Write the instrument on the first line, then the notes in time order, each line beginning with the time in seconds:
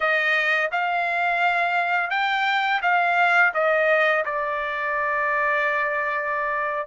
trumpet
0.00 D#5
0.71 F5
2.10 G5
2.82 F5
3.54 D#5
4.25 D5